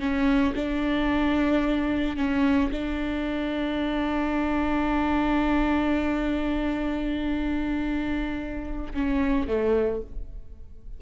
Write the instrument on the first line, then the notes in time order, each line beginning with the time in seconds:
viola
0.00 C#4
0.56 D4
2.17 C#4
2.72 D4
8.94 C#4
9.48 A3